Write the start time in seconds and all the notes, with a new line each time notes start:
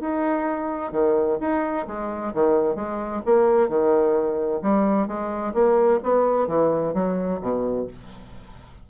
0.00 D#4
0.91 D#3
1.40 D#4
1.87 G#3
2.33 D#3
2.75 G#3
3.25 A#3
3.68 D#3
4.62 G3
5.07 G#3
5.53 A#3
6.03 B3
6.47 E3
6.93 F#3
7.41 B2